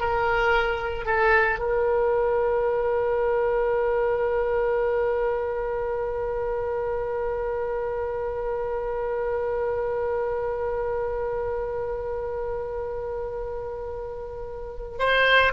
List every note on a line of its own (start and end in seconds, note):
0.00 1.05 A#4
1.05 1.59 A4
1.59 14.98 A#4
14.99 15.53 C5